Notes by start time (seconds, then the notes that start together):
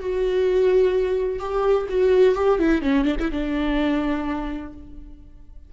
0.00 F#4
1.39 G4
1.89 F#4
2.35 G4
2.59 E4
2.82 C#4
3.05 D4
3.20 E4
3.31 D4